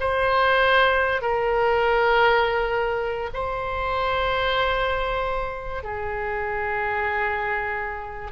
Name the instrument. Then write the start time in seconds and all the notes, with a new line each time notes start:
oboe
0.00 C5
1.21 A#4
3.33 C5
5.83 G#4